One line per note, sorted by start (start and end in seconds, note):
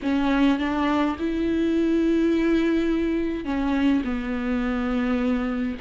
0.02 0.58 C#4
0.58 1.16 D4
1.19 3.44 E4
3.44 4.02 C#4
4.04 5.77 B3